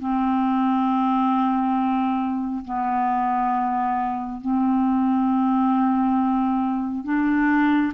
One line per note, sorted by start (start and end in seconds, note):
0.00 2.65 C4
2.65 4.41 B3
4.41 7.05 C4
7.05 7.93 D4